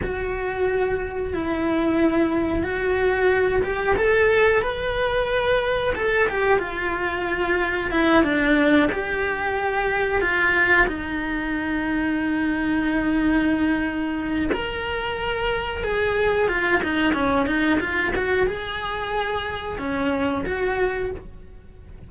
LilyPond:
\new Staff \with { instrumentName = "cello" } { \time 4/4 \tempo 4 = 91 fis'2 e'2 | fis'4. g'8 a'4 b'4~ | b'4 a'8 g'8 f'2 | e'8 d'4 g'2 f'8~ |
f'8 dis'2.~ dis'8~ | dis'2 ais'2 | gis'4 f'8 dis'8 cis'8 dis'8 f'8 fis'8 | gis'2 cis'4 fis'4 | }